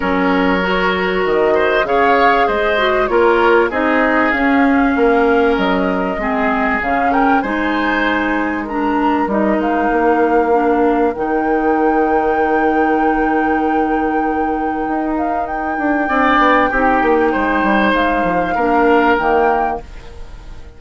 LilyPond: <<
  \new Staff \with { instrumentName = "flute" } { \time 4/4 \tempo 4 = 97 cis''2 dis''4 f''4 | dis''4 cis''4 dis''4 f''4~ | f''4 dis''2 f''8 g''8 | gis''2 ais''4 dis''8 f''8~ |
f''2 g''2~ | g''1~ | g''8 f''8 g''2.~ | g''4 f''2 g''4 | }
  \new Staff \with { instrumentName = "oboe" } { \time 4/4 ais'2~ ais'8 c''8 cis''4 | c''4 ais'4 gis'2 | ais'2 gis'4. ais'8 | c''2 ais'2~ |
ais'1~ | ais'1~ | ais'2 d''4 g'4 | c''2 ais'2 | }
  \new Staff \with { instrumentName = "clarinet" } { \time 4/4 cis'4 fis'2 gis'4~ | gis'8 fis'8 f'4 dis'4 cis'4~ | cis'2 c'4 cis'4 | dis'2 d'4 dis'4~ |
dis'4 d'4 dis'2~ | dis'1~ | dis'2 d'4 dis'4~ | dis'2 d'4 ais4 | }
  \new Staff \with { instrumentName = "bassoon" } { \time 4/4 fis2 dis4 cis4 | gis4 ais4 c'4 cis'4 | ais4 fis4 gis4 cis4 | gis2. g8 gis8 |
ais2 dis2~ | dis1 | dis'4. d'8 c'8 b8 c'8 ais8 | gis8 g8 gis8 f8 ais4 dis4 | }
>>